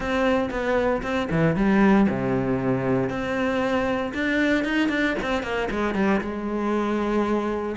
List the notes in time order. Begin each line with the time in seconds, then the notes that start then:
0.00 C4
0.50 B3
1.02 C4
1.30 E3
1.55 G3
2.09 C3
3.09 C4
4.14 D4
4.64 D#4
4.89 D4
5.22 C4
5.42 A#3
5.70 G#3
5.94 G3
6.20 G#3